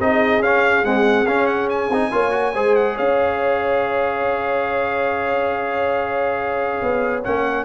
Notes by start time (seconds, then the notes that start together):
0.00 C4 D#4 G#4 D#5
0.40 C#4 F5
0.83 G#3 C4 F#5
1.26 C#4 F5
1.46 F#5
1.69 G#5
1.89 C4 D#4
2.11 A#3 F4 C#5
2.31 F#4
2.54 G#3 G#4 C5
2.75 F#5
2.95 C#4 C#5 F5
6.82 B3
7.24 A#3 C#4 F#5